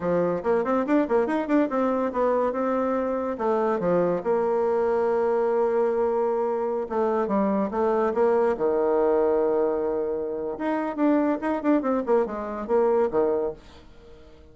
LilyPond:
\new Staff \with { instrumentName = "bassoon" } { \time 4/4 \tempo 4 = 142 f4 ais8 c'8 d'8 ais8 dis'8 d'8 | c'4 b4 c'2 | a4 f4 ais2~ | ais1~ |
ais16 a4 g4 a4 ais8.~ | ais16 dis2.~ dis8.~ | dis4 dis'4 d'4 dis'8 d'8 | c'8 ais8 gis4 ais4 dis4 | }